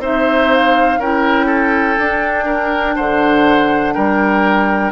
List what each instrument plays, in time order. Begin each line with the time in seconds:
0.00 bassoon C4, clarinet D#4, oboe C5, flute E5
0.53 flute F5
0.99 bassoon C#4, clarinet E4, oboe A#4, flute G5
1.46 oboe A4
1.99 clarinet D4, bassoon D4
2.46 oboe A#4
2.96 bassoon D3, oboe C5, flute F#5
3.93 bassoon G3, oboe A#4, flute G5